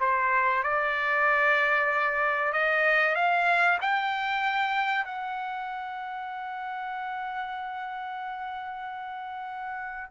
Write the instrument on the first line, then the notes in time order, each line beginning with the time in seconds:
trumpet
0.00 C5
0.63 D5
2.53 D#5
3.16 F5
3.81 G5
5.05 F#5